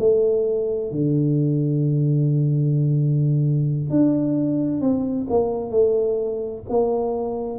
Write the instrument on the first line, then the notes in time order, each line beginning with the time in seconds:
tuba
0.00 A3
0.92 D3
3.91 D4
4.81 C4
5.30 A#3
5.71 A3
6.70 A#3